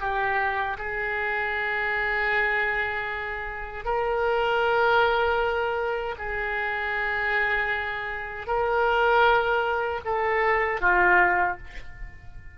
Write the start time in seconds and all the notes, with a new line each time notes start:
0.00 G4
0.78 G#4
3.84 A#4
6.18 G#4
8.47 A#4
10.04 A4
10.80 F4